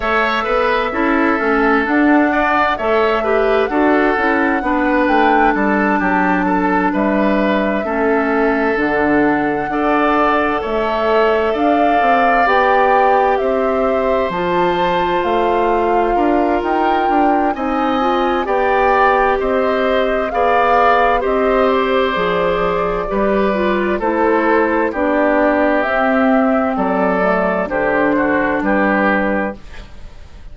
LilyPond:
<<
  \new Staff \with { instrumentName = "flute" } { \time 4/4 \tempo 4 = 65 e''2 fis''4 e''4 | fis''4. g''8 a''4. e''8~ | e''4. fis''2 e''8~ | e''8 f''4 g''4 e''4 a''8~ |
a''8 f''4. g''4 gis''4 | g''4 dis''4 f''4 dis''8 d''8~ | d''2 c''4 d''4 | e''4 d''4 c''4 b'4 | }
  \new Staff \with { instrumentName = "oboe" } { \time 4/4 cis''8 b'8 a'4. d''8 cis''8 b'8 | a'4 b'4 a'8 g'8 a'8 b'8~ | b'8 a'2 d''4 cis''8~ | cis''8 d''2 c''4.~ |
c''4. ais'4. dis''4 | d''4 c''4 d''4 c''4~ | c''4 b'4 a'4 g'4~ | g'4 a'4 g'8 fis'8 g'4 | }
  \new Staff \with { instrumentName = "clarinet" } { \time 4/4 a'4 e'8 cis'8 d'4 a'8 g'8 | fis'8 e'8 d'2.~ | d'8 cis'4 d'4 a'4.~ | a'4. g'2 f'8~ |
f'2. dis'8 f'8 | g'2 gis'4 g'4 | gis'4 g'8 f'8 e'4 d'4 | c'4. a8 d'2 | }
  \new Staff \with { instrumentName = "bassoon" } { \time 4/4 a8 b8 cis'8 a8 d'4 a4 | d'8 cis'8 b8 a8 g8 fis4 g8~ | g8 a4 d4 d'4 a8~ | a8 d'8 c'8 b4 c'4 f8~ |
f8 a4 d'8 dis'8 d'8 c'4 | b4 c'4 b4 c'4 | f4 g4 a4 b4 | c'4 fis4 d4 g4 | }
>>